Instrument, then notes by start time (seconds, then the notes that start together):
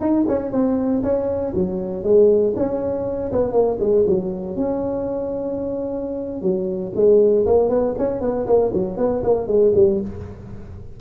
tuba
0.00 D#4
0.28 C#4
0.51 C4
1.03 C#4
1.55 F#3
2.03 G#3
2.56 C#4
3.32 B3
3.52 A#3
3.79 G#3
4.06 F#3
4.56 C#4
6.41 F#3
6.95 G#3
7.46 A#3
7.69 B3
7.98 C#4
8.21 B3
8.46 A#3
8.73 F#3
8.97 B3
9.23 A#3
9.47 G#3
9.75 G3